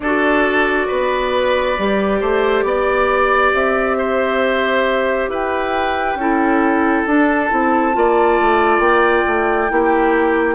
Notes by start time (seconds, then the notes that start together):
0.00 D4 F#4 A4 D5
0.87 B3 B4
1.77 G3 G4
2.20 A3 C5
2.63 B3 D5
3.53 C4 E5
3.97 C5
5.28 E4 B4 G5
6.15 C#4 E4 A4
7.06 D4 A5
7.50 C4 E4
7.92 A#3 F4 D5
8.40 A3
8.79 A#3 G5
9.26 A3
9.69 A#3 E4 G4